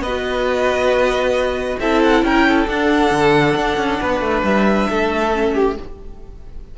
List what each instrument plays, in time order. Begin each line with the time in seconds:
0.00 cello B3, violin B4 D#5
0.07 viola F#4
1.80 cello C4, viola E4, violin A4 E5
2.03 violin F#5
2.23 cello C#4, violin A#4 G5
2.49 violin A4
2.67 cello D4, viola D4, violin F#5
3.11 cello D3
3.56 cello D4
3.77 cello C#4
4.01 cello B3, violin B4
4.21 cello A3
4.43 cello G3, violin E5
4.90 cello A3, violin A4
5.33 viola C#4
5.54 violin G4